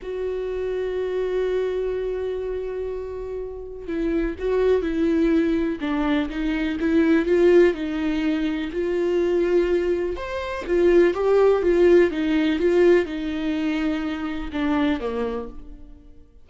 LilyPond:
\new Staff \with { instrumentName = "viola" } { \time 4/4 \tempo 4 = 124 fis'1~ | fis'1 | e'4 fis'4 e'2 | d'4 dis'4 e'4 f'4 |
dis'2 f'2~ | f'4 c''4 f'4 g'4 | f'4 dis'4 f'4 dis'4~ | dis'2 d'4 ais4 | }